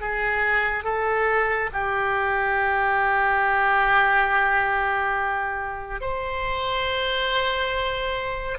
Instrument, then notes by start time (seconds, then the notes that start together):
oboe
0.00 G#4
0.84 A4
1.72 G4
6.00 C5